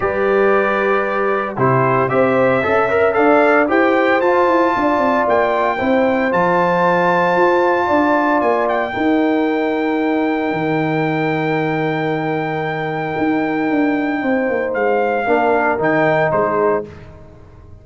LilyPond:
<<
  \new Staff \with { instrumentName = "trumpet" } { \time 4/4 \tempo 4 = 114 d''2. c''4 | e''2 f''4 g''4 | a''2 g''2 | a''1 |
gis''8 g''2.~ g''8~ | g''1~ | g''1 | f''2 g''4 c''4 | }
  \new Staff \with { instrumentName = "horn" } { \time 4/4 b'2. g'4 | c''4 e''4 d''4 c''4~ | c''4 d''2 c''4~ | c''2. d''4~ |
d''4 ais'2.~ | ais'1~ | ais'2. c''4~ | c''4 ais'2 gis'4 | }
  \new Staff \with { instrumentName = "trombone" } { \time 4/4 g'2. e'4 | g'4 a'8 ais'8 a'4 g'4 | f'2. e'4 | f'1~ |
f'4 dis'2.~ | dis'1~ | dis'1~ | dis'4 d'4 dis'2 | }
  \new Staff \with { instrumentName = "tuba" } { \time 4/4 g2. c4 | c'4 cis'4 d'4 e'4 | f'8 e'8 d'8 c'8 ais4 c'4 | f2 f'4 d'4 |
ais4 dis'2. | dis1~ | dis4 dis'4 d'4 c'8 ais8 | gis4 ais4 dis4 gis4 | }
>>